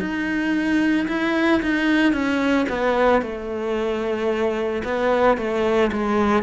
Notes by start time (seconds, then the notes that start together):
0.00 D#4
1.08 E4
1.62 D#4
2.13 C#4
2.69 B3
3.22 A3
4.84 B3
5.37 A3
5.92 G#3